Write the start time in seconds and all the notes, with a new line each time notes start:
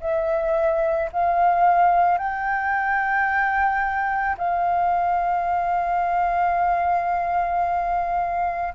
0.00 E5
1.12 F5
2.18 G5
4.37 F5